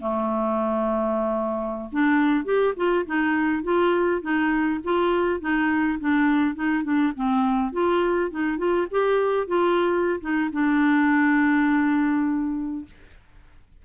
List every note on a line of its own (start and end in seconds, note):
0.00 1.89 A3
1.91 2.44 D4
2.44 2.74 G4
2.76 3.05 F4
3.06 3.63 D#4
3.63 4.21 F4
4.21 4.80 D#4
4.84 5.40 F4
5.40 5.98 D#4
5.99 6.55 D4
6.55 6.83 D#4
6.83 7.12 D4
7.15 7.72 C4
7.72 8.30 F4
8.31 8.58 D#4
8.58 8.87 F4
8.90 9.47 G4
9.47 10.20 F4
10.20 10.49 D#4
10.52 12.85 D4